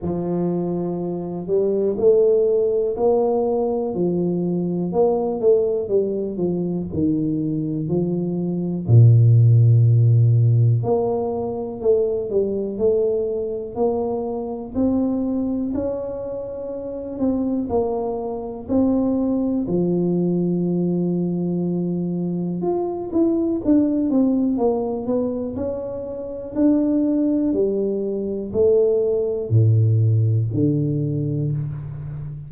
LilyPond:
\new Staff \with { instrumentName = "tuba" } { \time 4/4 \tempo 4 = 61 f4. g8 a4 ais4 | f4 ais8 a8 g8 f8 dis4 | f4 ais,2 ais4 | a8 g8 a4 ais4 c'4 |
cis'4. c'8 ais4 c'4 | f2. f'8 e'8 | d'8 c'8 ais8 b8 cis'4 d'4 | g4 a4 a,4 d4 | }